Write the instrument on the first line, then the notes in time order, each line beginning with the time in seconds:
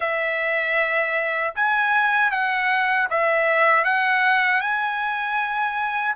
trumpet
0.00 E5
1.55 G#5
2.31 F#5
3.10 E5
3.84 F#5
4.60 G#5